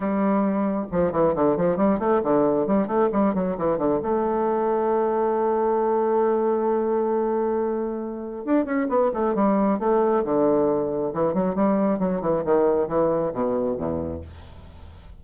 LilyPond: \new Staff \with { instrumentName = "bassoon" } { \time 4/4 \tempo 4 = 135 g2 f8 e8 d8 f8 | g8 a8 d4 g8 a8 g8 fis8 | e8 d8 a2.~ | a1~ |
a2. d'8 cis'8 | b8 a8 g4 a4 d4~ | d4 e8 fis8 g4 fis8 e8 | dis4 e4 b,4 e,4 | }